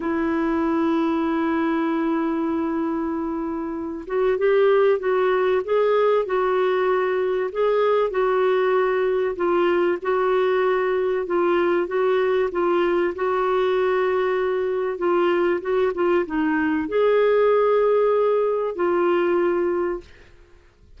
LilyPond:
\new Staff \with { instrumentName = "clarinet" } { \time 4/4 \tempo 4 = 96 e'1~ | e'2~ e'8 fis'8 g'4 | fis'4 gis'4 fis'2 | gis'4 fis'2 f'4 |
fis'2 f'4 fis'4 | f'4 fis'2. | f'4 fis'8 f'8 dis'4 gis'4~ | gis'2 f'2 | }